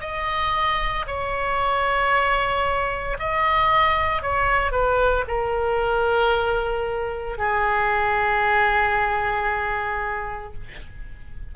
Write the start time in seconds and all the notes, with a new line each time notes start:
0.00 D#5
1.07 C#5
3.19 D#5
4.22 C#5
4.71 B4
5.27 A#4
7.38 G#4